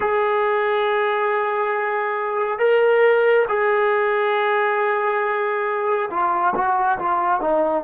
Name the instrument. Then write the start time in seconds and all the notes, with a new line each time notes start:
trombone
0.00 G#4
2.58 A#4
3.48 G#4
6.10 F4
6.55 F#4
6.98 F4
7.40 D#4